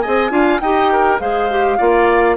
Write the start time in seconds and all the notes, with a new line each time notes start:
0.00 G#4 D#5 G#5
0.07 C4
0.29 D4 F4 F5
0.60 D#4 G4 D#5 G5
0.92 A#4
1.19 G#3 G#4 C5 F5
1.50 G4
1.78 A#3 F4 D5